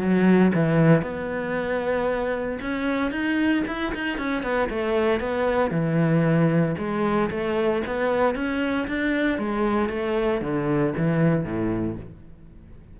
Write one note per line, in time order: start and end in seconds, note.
0.00 0.52 F#3
0.55 1.02 E3
1.02 2.59 B3
2.62 3.12 C#4
3.12 3.64 D#4
3.67 3.93 E4
3.95 4.18 D#4
4.18 4.43 C#4
4.43 4.69 B3
4.70 5.20 A3
5.20 5.71 B3
5.71 6.76 E3
6.78 7.30 G#3
7.31 7.83 A3
7.87 8.35 B3
8.35 8.88 C#4
8.88 9.39 D4
9.39 9.89 G#3
9.89 10.42 A3
10.42 10.94 D3
10.97 11.45 E3
11.45 11.97 A2